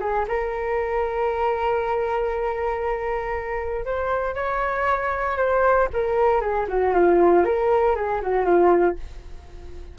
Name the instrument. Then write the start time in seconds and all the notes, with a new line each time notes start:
flute
0.00 G#4
0.28 A#4
3.85 C5
4.34 C#5
5.37 C5
5.93 A#4
6.41 G#4
6.68 F#4
6.93 F4
7.45 A#4
7.96 G#4
8.21 F#4
8.45 F4